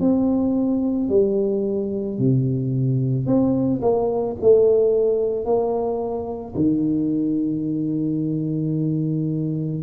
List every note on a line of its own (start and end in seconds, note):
0.00 1.09 C4
1.09 2.18 G3
2.18 3.26 C3
3.26 3.81 C4
3.81 4.36 A#3
4.41 5.45 A3
5.45 6.54 A#3
6.55 9.82 D#3